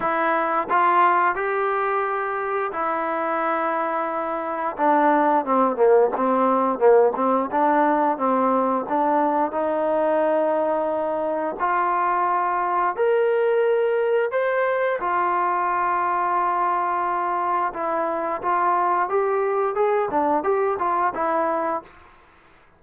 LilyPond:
\new Staff \with { instrumentName = "trombone" } { \time 4/4 \tempo 4 = 88 e'4 f'4 g'2 | e'2. d'4 | c'8 ais8 c'4 ais8 c'8 d'4 | c'4 d'4 dis'2~ |
dis'4 f'2 ais'4~ | ais'4 c''4 f'2~ | f'2 e'4 f'4 | g'4 gis'8 d'8 g'8 f'8 e'4 | }